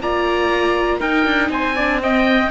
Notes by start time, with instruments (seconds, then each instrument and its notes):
0.00 cello A#3, viola F4, trumpet D5, oboe A#5
1.00 viola D#4, cello D#4, trumpet A#4, oboe G5
1.25 cello D4
1.49 cello C4, trumpet C5, oboe G#5
1.75 viola D4, trumpet D5
2.01 viola C4, trumpet D#5, oboe G5